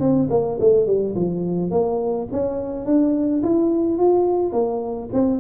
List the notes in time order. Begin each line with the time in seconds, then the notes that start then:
0.00 C4
0.30 A#3
0.60 A3
0.86 G3
1.15 F3
1.71 A#3
2.32 C#4
2.86 D4
3.43 E4
3.98 F4
4.52 A#3
5.13 C4